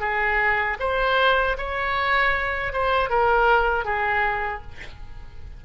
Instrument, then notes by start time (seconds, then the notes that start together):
oboe
0.00 G#4
0.79 C5
1.57 C#5
2.72 C5
3.09 A#4
3.85 G#4